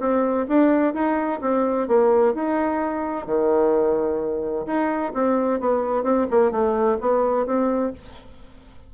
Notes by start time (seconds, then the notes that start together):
0.00 C4
0.48 D4
0.94 D#4
1.41 C4
1.88 A#3
2.34 D#4
3.26 D#3
4.66 D#4
5.14 C4
5.60 B3
6.04 C4
6.31 A#3
6.51 A3
7.01 B3
7.46 C4